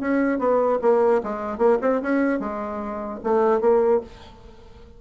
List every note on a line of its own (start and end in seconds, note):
0.00 0.39 C#4
0.39 0.79 B3
0.82 1.22 A#3
1.23 1.58 G#3
1.58 1.78 A#3
1.81 2.01 C4
2.02 2.39 C#4
2.39 3.19 G#3
3.24 3.61 A3
3.61 4.01 A#3